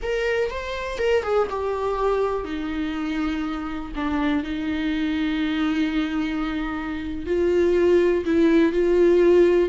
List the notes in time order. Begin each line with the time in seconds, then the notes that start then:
0.02 A#4
0.50 C5
0.98 A#4
1.23 G#4
1.50 G4
2.44 D#4
3.95 D4
4.43 D#4
7.25 F4
8.25 E4
8.72 F4